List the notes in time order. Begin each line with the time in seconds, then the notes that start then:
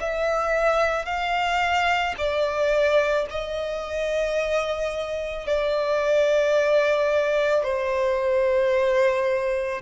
0.00 E5
1.06 F5
2.18 D5
3.30 D#5
5.46 D5
7.63 C5